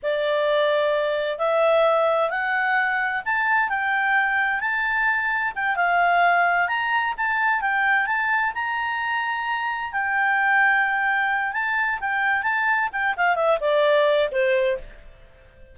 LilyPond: \new Staff \with { instrumentName = "clarinet" } { \time 4/4 \tempo 4 = 130 d''2. e''4~ | e''4 fis''2 a''4 | g''2 a''2 | g''8 f''2 ais''4 a''8~ |
a''8 g''4 a''4 ais''4.~ | ais''4. g''2~ g''8~ | g''4 a''4 g''4 a''4 | g''8 f''8 e''8 d''4. c''4 | }